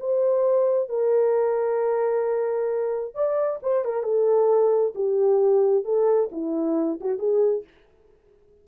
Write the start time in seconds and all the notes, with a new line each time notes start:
0.00 C5
0.89 A#4
3.15 D5
3.63 C5
3.85 A#4
4.03 A4
4.95 G4
5.85 A4
6.32 E4
7.01 F#4
7.19 G#4